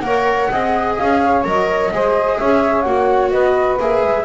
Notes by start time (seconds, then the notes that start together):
0.00 A#3 A#4 C#5 F#5
0.50 C4 G#4 D#5
0.97 C#4 F5
1.23 C#5
1.44 F#3 A#4 D#5
1.92 G#3 G#4 C5
2.38 C#4 C#5 E5
2.82 A#3 F#4 F#5
3.30 B3 B4 D#5
3.80 A#3 G#4 E5
4.04 G#3